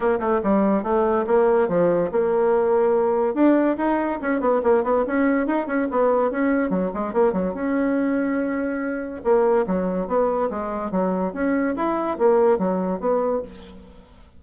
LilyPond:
\new Staff \with { instrumentName = "bassoon" } { \time 4/4 \tempo 4 = 143 ais8 a8 g4 a4 ais4 | f4 ais2. | d'4 dis'4 cis'8 b8 ais8 b8 | cis'4 dis'8 cis'8 b4 cis'4 |
fis8 gis8 ais8 fis8 cis'2~ | cis'2 ais4 fis4 | b4 gis4 fis4 cis'4 | e'4 ais4 fis4 b4 | }